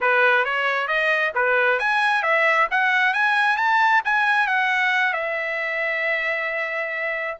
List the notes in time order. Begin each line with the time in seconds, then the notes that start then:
0.00 B4
0.44 C#5
0.87 D#5
1.34 B4
1.79 G#5
2.23 E5
2.70 F#5
3.13 G#5
3.56 A5
4.04 G#5
4.47 F#5
5.13 E5